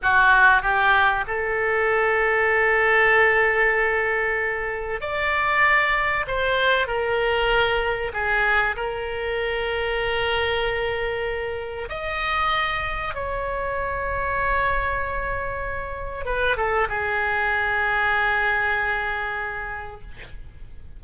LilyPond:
\new Staff \with { instrumentName = "oboe" } { \time 4/4 \tempo 4 = 96 fis'4 g'4 a'2~ | a'1 | d''2 c''4 ais'4~ | ais'4 gis'4 ais'2~ |
ais'2. dis''4~ | dis''4 cis''2.~ | cis''2 b'8 a'8 gis'4~ | gis'1 | }